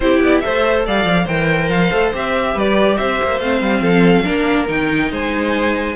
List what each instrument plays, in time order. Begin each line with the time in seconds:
0.00 cello C4, viola E4, violin G4 C5
0.20 cello B3, violin D5
0.40 cello A3, viola A4, violin C5 E5
0.85 cello G3, violin D5 F5
1.04 cello F3
1.23 cello E3, viola A#4, violin C5 G5
1.68 cello F3, violin F5
1.91 cello A3, viola A4
2.12 cello C4, viola G4, violin E5
2.54 cello G3, violin B4 D5
2.97 cello C4, violin C5 E5
3.22 cello A#3
3.39 cello A3, viola C4, violin F5
3.61 cello G3
3.80 cello F3, violin A4
4.23 cello A#3, viola D4, violin A#4
4.67 cello D#3, viola D#4, violin G5
5.11 cello G#3, violin C5 G#5